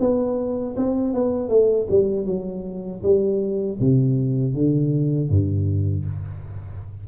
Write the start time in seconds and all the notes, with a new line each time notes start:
0.00 B3
0.77 C4
1.14 B3
1.49 A3
1.91 G3
2.26 F#3
3.03 G3
3.81 C3
4.55 D3
5.30 G2